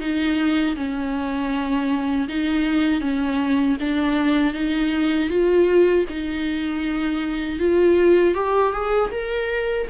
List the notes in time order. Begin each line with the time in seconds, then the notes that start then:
0.00 D#4
0.76 C#4
2.29 D#4
3.01 C#4
3.80 D4
4.54 D#4
5.30 F4
6.09 D#4
7.59 F4
8.34 G4
8.72 G#4
9.11 A#4